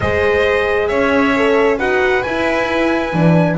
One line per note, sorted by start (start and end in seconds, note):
0.00 0.90 G#3
0.00 1.35 G#4
0.00 0.88 C5
0.00 0.87 D#5
0.87 1.79 C#4
0.87 1.77 C#5
0.87 1.77 E5
1.36 1.78 A4
1.77 2.24 D#4
1.77 2.23 F#4
1.77 3.56 B4
1.77 2.22 F#5
2.22 3.13 E4
2.22 3.56 G#5
3.13 3.58 E3
3.13 3.58 D4